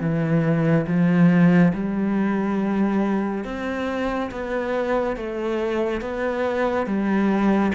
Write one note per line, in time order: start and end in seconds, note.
0.00 0.86 E3
0.87 1.73 F3
1.74 3.44 G3
3.44 4.30 C4
4.31 5.16 B3
5.16 6.01 A3
6.01 6.86 B3
6.86 7.72 G3